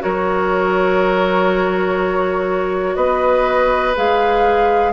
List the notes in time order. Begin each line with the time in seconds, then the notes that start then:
0.00 F#3 F#4 A#4 C#5
2.96 B3 B4 D#5
3.96 G#3 G#4 F5